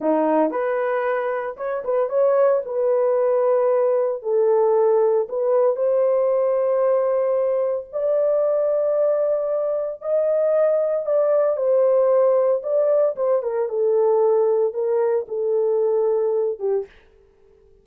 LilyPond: \new Staff \with { instrumentName = "horn" } { \time 4/4 \tempo 4 = 114 dis'4 b'2 cis''8 b'8 | cis''4 b'2. | a'2 b'4 c''4~ | c''2. d''4~ |
d''2. dis''4~ | dis''4 d''4 c''2 | d''4 c''8 ais'8 a'2 | ais'4 a'2~ a'8 g'8 | }